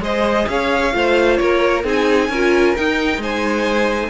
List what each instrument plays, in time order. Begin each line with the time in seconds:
0.00 cello G#3, viola G#4, violin C5 D#5
0.48 cello C#4, violin C#5 F5
0.92 cello A3, viola F4, violin C5
1.36 cello A#3, violin A#4 C#5
1.84 cello C4, viola D#4, violin G#4 G#5
2.28 cello C#4, viola F4, violin A#4
2.75 viola D#4, cello D#4, violin G5
3.17 cello G#3, violin C5 G#5